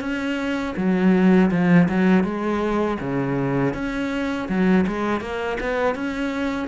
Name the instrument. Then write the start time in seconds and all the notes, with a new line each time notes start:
cello
0.00 C#4
0.76 F#3
1.51 F3
1.89 F#3
2.24 G#3
3.00 C#3
3.74 C#4
4.48 F#3
4.87 G#3
5.21 A#3
5.60 B3
5.95 C#4